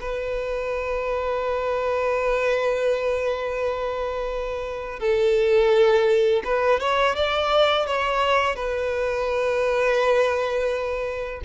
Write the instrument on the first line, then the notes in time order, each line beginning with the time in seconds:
violin
0.00 B4
5.00 A4
6.44 B4
6.80 C#5
7.15 D5
7.86 C#5
8.55 B4